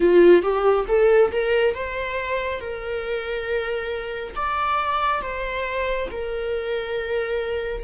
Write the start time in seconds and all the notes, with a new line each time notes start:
0.00 F4
0.42 G4
0.87 A4
1.31 A#4
1.74 C5
2.60 A#4
4.35 D5
5.21 C5
6.11 A#4